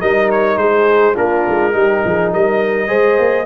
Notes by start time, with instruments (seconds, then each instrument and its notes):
0.00 tuba G3, trombone D#4, horn A#4, trumpet D#5
0.30 trumpet C#5
0.56 tuba G#3, horn G#4, trumpet C5
1.14 tuba A#3, trombone D4, horn F4, trumpet A#4
1.48 tuba G#3
1.72 tuba G3, trombone D#4, horn G4
2.05 tuba F3, horn G#4
2.32 tuba G3, horn A#4, trumpet D#5
2.87 tuba G#3, trombone G#4, horn C5
3.18 tuba A#3